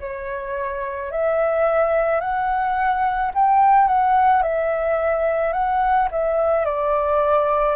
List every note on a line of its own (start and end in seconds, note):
0.00 1.11 C#5
1.12 2.21 E5
2.21 3.32 F#5
3.34 3.88 G5
3.88 4.43 F#5
4.43 5.53 E5
5.53 6.09 F#5
6.12 6.66 E5
6.66 7.76 D5